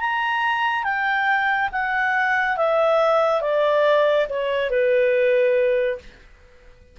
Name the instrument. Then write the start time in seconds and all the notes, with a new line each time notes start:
clarinet
0.00 A#5
0.84 G5
1.72 F#5
2.57 E5
3.41 D5
4.29 C#5
4.70 B4